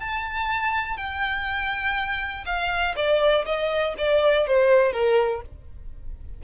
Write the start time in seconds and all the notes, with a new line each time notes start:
0.00 A5
0.97 G5
2.46 F5
2.96 D5
3.46 D#5
3.98 D5
4.47 C5
4.93 A#4